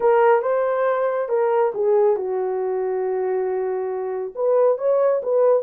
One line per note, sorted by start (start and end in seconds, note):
0.00 0.42 A#4
0.42 1.28 C5
1.28 1.72 A#4
1.74 2.16 G#4
2.16 4.33 F#4
4.35 4.78 B4
4.78 5.21 C#5
5.22 5.62 B4